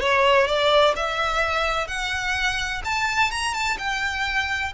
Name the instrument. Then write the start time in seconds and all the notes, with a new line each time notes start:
violin
0.00 C#5
0.47 D5
0.96 E5
1.87 F#5
2.84 A5
3.31 A#5
3.53 A5
3.78 G5